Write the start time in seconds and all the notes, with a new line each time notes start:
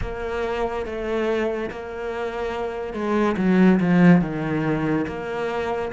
0.01 A#3
0.85 A3
1.70 A#3
2.93 G#3
3.37 F#3
3.80 F3
4.21 D#3
5.07 A#3